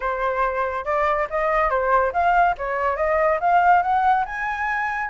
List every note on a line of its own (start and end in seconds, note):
0.00 0.85 C5
0.85 1.27 D5
1.30 1.69 D#5
1.69 2.12 C5
2.12 2.55 F5
2.57 2.96 C#5
2.96 3.39 D#5
3.39 3.82 F5
3.82 4.25 F#5
4.25 5.09 G#5